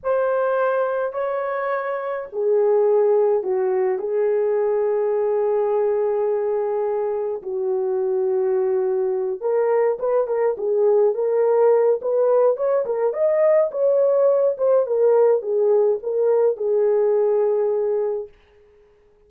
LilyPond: \new Staff \with { instrumentName = "horn" } { \time 4/4 \tempo 4 = 105 c''2 cis''2 | gis'2 fis'4 gis'4~ | gis'1~ | gis'4 fis'2.~ |
fis'8 ais'4 b'8 ais'8 gis'4 ais'8~ | ais'4 b'4 cis''8 ais'8 dis''4 | cis''4. c''8 ais'4 gis'4 | ais'4 gis'2. | }